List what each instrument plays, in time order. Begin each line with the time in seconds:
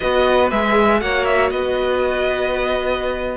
0.00 cello B3, viola F#4, violin B4 D#5
0.50 cello G#3, viola G#4, violin E5
1.00 cello A#3, viola F#4, violin C#5 F#5
1.25 violin E5
1.50 cello B3, violin B4 D#5